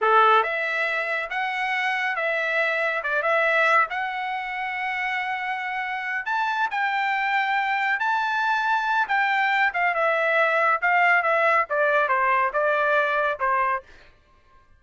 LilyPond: \new Staff \with { instrumentName = "trumpet" } { \time 4/4 \tempo 4 = 139 a'4 e''2 fis''4~ | fis''4 e''2 d''8 e''8~ | e''4 fis''2.~ | fis''2~ fis''8 a''4 g''8~ |
g''2~ g''8 a''4.~ | a''4 g''4. f''8 e''4~ | e''4 f''4 e''4 d''4 | c''4 d''2 c''4 | }